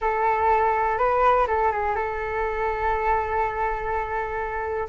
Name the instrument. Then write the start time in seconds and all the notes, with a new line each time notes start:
flute
0.01 A4
0.98 B4
1.47 A4
1.71 G#4
1.95 A4